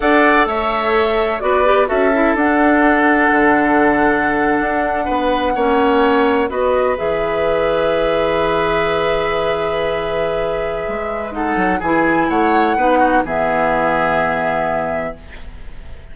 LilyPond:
<<
  \new Staff \with { instrumentName = "flute" } { \time 4/4 \tempo 4 = 127 fis''4 e''2 d''4 | e''4 fis''2.~ | fis''1~ | fis''4.~ fis''16 dis''4 e''4~ e''16~ |
e''1~ | e''1 | fis''4 gis''4 fis''2 | e''1 | }
  \new Staff \with { instrumentName = "oboe" } { \time 4/4 d''4 cis''2 b'4 | a'1~ | a'2~ a'8. b'4 cis''16~ | cis''4.~ cis''16 b'2~ b'16~ |
b'1~ | b'1 | a'4 gis'4 cis''4 b'8 fis'8 | gis'1 | }
  \new Staff \with { instrumentName = "clarinet" } { \time 4/4 a'2. fis'8 g'8 | fis'8 e'8 d'2.~ | d'2.~ d'8. cis'16~ | cis'4.~ cis'16 fis'4 gis'4~ gis'16~ |
gis'1~ | gis'1 | dis'4 e'2 dis'4 | b1 | }
  \new Staff \with { instrumentName = "bassoon" } { \time 4/4 d'4 a2 b4 | cis'4 d'2 d4~ | d4.~ d16 d'4 b4 ais16~ | ais4.~ ais16 b4 e4~ e16~ |
e1~ | e2. gis4~ | gis8 fis8 e4 a4 b4 | e1 | }
>>